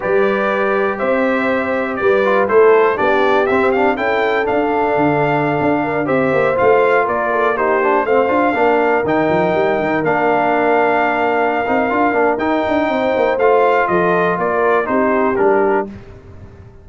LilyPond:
<<
  \new Staff \with { instrumentName = "trumpet" } { \time 4/4 \tempo 4 = 121 d''2 e''2 | d''4 c''4 d''4 e''8 f''8 | g''4 f''2.~ | f''16 e''4 f''4 d''4 c''8.~ |
c''16 f''2 g''4.~ g''16~ | g''16 f''2.~ f''8.~ | f''4 g''2 f''4 | dis''4 d''4 c''4 ais'4 | }
  \new Staff \with { instrumentName = "horn" } { \time 4/4 b'2 c''2 | b'4 a'4 g'2 | a'2.~ a'8. ais'16~ | ais'16 c''2 ais'8 a'8 g'8.~ |
g'16 c''4 ais'2~ ais'8.~ | ais'1~ | ais'2 c''2 | a'4 ais'4 g'2 | }
  \new Staff \with { instrumentName = "trombone" } { \time 4/4 g'1~ | g'8 f'8 e'4 d'4 c'8 d'8 | e'4 d'2.~ | d'16 g'4 f'2 dis'8 d'16~ |
d'16 c'8 f'8 d'4 dis'4.~ dis'16~ | dis'16 d'2.~ d'16 dis'8 | f'8 d'8 dis'2 f'4~ | f'2 dis'4 d'4 | }
  \new Staff \with { instrumentName = "tuba" } { \time 4/4 g2 c'2 | g4 a4 b4 c'4 | cis'4 d'4 d4~ d16 d'8.~ | d'16 c'8 ais8 a4 ais4.~ ais16~ |
ais16 a8 d'8 ais4 dis8 f8 g8 dis16~ | dis16 ais2.~ ais16 c'8 | d'8 ais8 dis'8 d'8 c'8 ais8 a4 | f4 ais4 c'4 g4 | }
>>